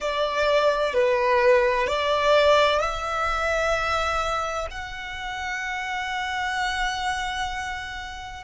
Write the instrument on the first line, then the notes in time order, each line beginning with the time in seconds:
violin
0.00 D5
0.93 B4
1.87 D5
2.80 E5
4.70 F#5